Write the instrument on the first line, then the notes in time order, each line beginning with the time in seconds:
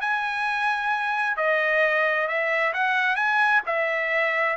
trumpet
0.00 G#5
1.36 D#5
2.27 E5
2.73 F#5
3.15 G#5
3.66 E5